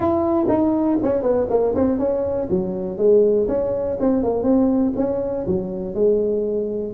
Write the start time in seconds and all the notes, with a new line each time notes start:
0.00 E4
0.48 D#4
1.03 C#4
1.22 B3
1.49 A#3
1.75 C4
1.98 C#4
2.50 F#3
2.97 G#3
3.48 C#4
4.00 C4
4.23 A#3
4.43 C4
4.96 C#4
5.46 F#3
5.94 G#3